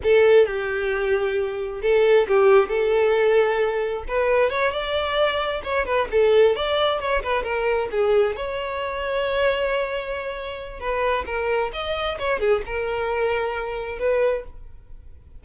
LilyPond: \new Staff \with { instrumentName = "violin" } { \time 4/4 \tempo 4 = 133 a'4 g'2. | a'4 g'4 a'2~ | a'4 b'4 cis''8 d''4.~ | d''8 cis''8 b'8 a'4 d''4 cis''8 |
b'8 ais'4 gis'4 cis''4.~ | cis''1 | b'4 ais'4 dis''4 cis''8 gis'8 | ais'2. b'4 | }